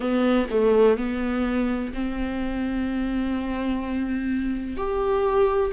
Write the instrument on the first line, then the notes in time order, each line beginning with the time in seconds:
viola
0.00 B3
0.50 A3
0.97 B3
1.93 C4
4.76 G4